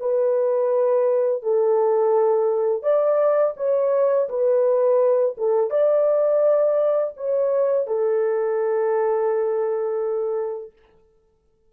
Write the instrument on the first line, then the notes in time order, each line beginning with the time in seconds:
horn
0.00 B4
1.43 A4
2.83 D5
3.57 C#5
4.29 B4
5.38 A4
5.71 D5
7.17 C#5
7.87 A4